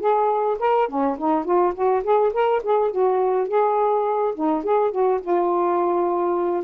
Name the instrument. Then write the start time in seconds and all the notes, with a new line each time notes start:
saxophone
0.00 G#4
0.60 A#4
0.89 C#4
1.18 D#4
1.45 F4
1.75 F#4
2.04 G#4
2.33 A#4
2.64 G#4
2.91 F#4
3.48 G#4
4.35 D#4
4.64 G#4
4.91 F#4
5.21 F4